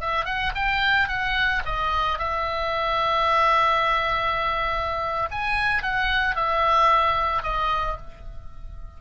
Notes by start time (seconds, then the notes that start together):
0.00 E5
0.25 F#5
0.55 G5
1.08 F#5
1.65 D#5
2.18 E5
5.31 G#5
5.82 F#5
6.35 E5
7.43 D#5